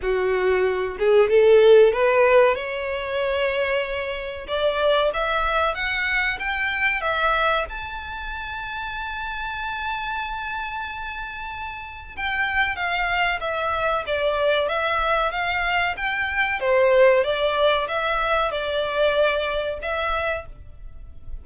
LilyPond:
\new Staff \with { instrumentName = "violin" } { \time 4/4 \tempo 4 = 94 fis'4. gis'8 a'4 b'4 | cis''2. d''4 | e''4 fis''4 g''4 e''4 | a''1~ |
a''2. g''4 | f''4 e''4 d''4 e''4 | f''4 g''4 c''4 d''4 | e''4 d''2 e''4 | }